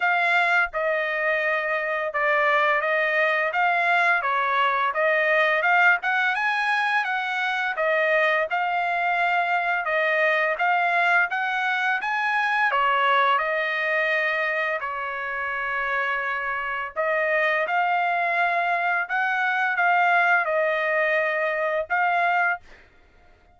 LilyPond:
\new Staff \with { instrumentName = "trumpet" } { \time 4/4 \tempo 4 = 85 f''4 dis''2 d''4 | dis''4 f''4 cis''4 dis''4 | f''8 fis''8 gis''4 fis''4 dis''4 | f''2 dis''4 f''4 |
fis''4 gis''4 cis''4 dis''4~ | dis''4 cis''2. | dis''4 f''2 fis''4 | f''4 dis''2 f''4 | }